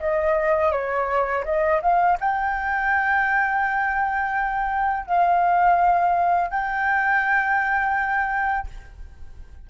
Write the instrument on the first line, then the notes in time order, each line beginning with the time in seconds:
flute
0.00 D#5
0.72 C#5
1.45 D#5
1.82 F5
2.20 G5
5.06 F5
6.50 G5